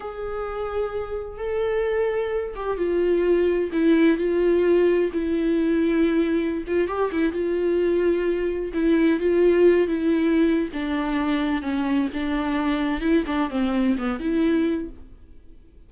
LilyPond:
\new Staff \with { instrumentName = "viola" } { \time 4/4 \tempo 4 = 129 gis'2. a'4~ | a'4. g'8 f'2 | e'4 f'2 e'4~ | e'2~ e'16 f'8 g'8 e'8 f'16~ |
f'2~ f'8. e'4 f'16~ | f'4~ f'16 e'4.~ e'16 d'4~ | d'4 cis'4 d'2 | e'8 d'8 c'4 b8 e'4. | }